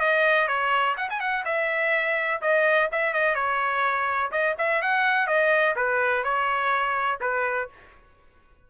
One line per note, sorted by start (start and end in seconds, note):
0.00 0.48 D#5
0.48 0.96 C#5
0.97 1.09 F#5
1.10 1.20 G#5
1.20 1.44 F#5
1.45 2.41 E5
2.41 2.89 D#5
2.91 3.13 E5
3.13 3.35 D#5
3.35 4.31 C#5
4.31 4.55 D#5
4.58 4.82 E5
4.82 5.27 F#5
5.27 5.75 D#5
5.76 6.24 B4
6.24 7.20 C#5
7.21 7.69 B4